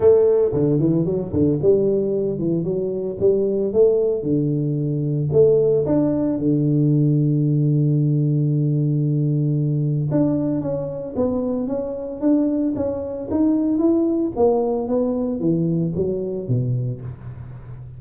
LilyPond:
\new Staff \with { instrumentName = "tuba" } { \time 4/4 \tempo 4 = 113 a4 d8 e8 fis8 d8 g4~ | g8 e8 fis4 g4 a4 | d2 a4 d'4 | d1~ |
d2. d'4 | cis'4 b4 cis'4 d'4 | cis'4 dis'4 e'4 ais4 | b4 e4 fis4 b,4 | }